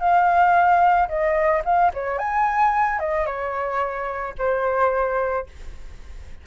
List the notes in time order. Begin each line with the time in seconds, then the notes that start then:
0.00 F5
1.09 D#5
1.65 F5
1.94 C#5
2.18 G#5
3.00 D#5
3.26 C#5
4.38 C5